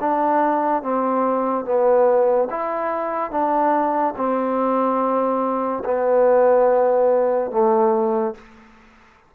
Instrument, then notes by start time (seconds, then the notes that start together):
trombone
0.00 D4
0.83 C4
1.65 B3
2.50 E4
3.31 D4
4.16 C4
5.84 B3
7.51 A3